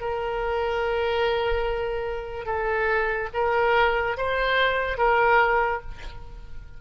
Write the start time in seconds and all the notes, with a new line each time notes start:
0.00 A#4
2.45 A4
3.33 A#4
4.17 C5
4.97 A#4